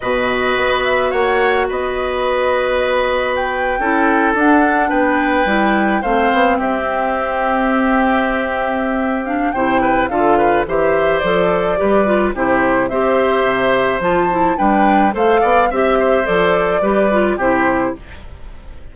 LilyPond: <<
  \new Staff \with { instrumentName = "flute" } { \time 4/4 \tempo 4 = 107 dis''4. e''8 fis''4 dis''4~ | dis''2 g''4.~ g''16 fis''16~ | fis''8. g''2 f''4 e''16~ | e''1~ |
e''8 f''8 g''4 f''4 e''4 | d''2 c''4 e''4~ | e''4 a''4 g''4 f''4 | e''4 d''2 c''4 | }
  \new Staff \with { instrumentName = "oboe" } { \time 4/4 b'2 cis''4 b'4~ | b'2~ b'8. a'4~ a'16~ | a'8. b'2 c''4 g'16~ | g'1~ |
g'4 c''8 b'8 a'8 b'8 c''4~ | c''4 b'4 g'4 c''4~ | c''2 b'4 c''8 d''8 | e''8 c''4. b'4 g'4 | }
  \new Staff \with { instrumentName = "clarinet" } { \time 4/4 fis'1~ | fis'2~ fis'8. e'4 d'16~ | d'4.~ d'16 e'4 c'4~ c'16~ | c'1~ |
c'8 d'8 e'4 f'4 g'4 | a'4 g'8 f'8 e'4 g'4~ | g'4 f'8 e'8 d'4 a'4 | g'4 a'4 g'8 f'8 e'4 | }
  \new Staff \with { instrumentName = "bassoon" } { \time 4/4 b,4 b4 ais4 b4~ | b2~ b8. cis'4 d'16~ | d'8. b4 g4 a8 b8 c'16~ | c'1~ |
c'4 c4 d4 e4 | f4 g4 c4 c'4 | c4 f4 g4 a8 b8 | c'4 f4 g4 c4 | }
>>